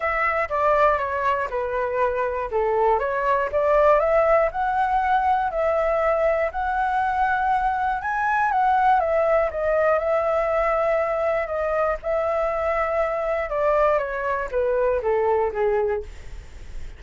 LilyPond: \new Staff \with { instrumentName = "flute" } { \time 4/4 \tempo 4 = 120 e''4 d''4 cis''4 b'4~ | b'4 a'4 cis''4 d''4 | e''4 fis''2 e''4~ | e''4 fis''2. |
gis''4 fis''4 e''4 dis''4 | e''2. dis''4 | e''2. d''4 | cis''4 b'4 a'4 gis'4 | }